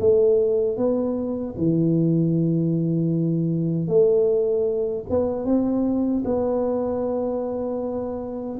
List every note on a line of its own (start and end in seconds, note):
0.00 0.77 A3
0.77 1.55 B3
1.58 3.87 E3
3.87 5.04 A3
5.10 5.45 B3
5.45 6.23 C4
6.25 8.59 B3